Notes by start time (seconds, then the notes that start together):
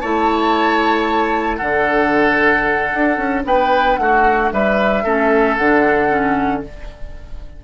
0.00 A3 E4 C#5 A5
1.57 D3 D4 A4 F#5
2.94 D4
3.17 C#4
3.45 B3 B4 G5
3.96 A3 F#4 F#5
4.52 G3 B4 E5
5.03 A3 C#4 A4
5.56 D3 D4 F#5
6.09 C#4